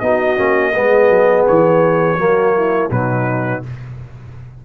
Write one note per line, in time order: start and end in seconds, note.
0.00 0.38 B3
0.00 0.37 D#4
0.00 0.73 F#4
0.00 1.45 D#5
0.37 0.75 A#3
0.37 0.73 C#4
0.73 1.09 G#3
0.73 2.18 B3
0.73 2.17 G#4
1.09 1.46 F#3
1.46 2.17 E3
1.46 2.91 C#5
2.17 2.90 F#3
2.17 2.90 A#3
2.17 2.56 F#4
2.56 2.92 E4
2.90 3.62 B2
2.90 3.63 F#3
2.90 3.65 D#4
2.90 3.63 B4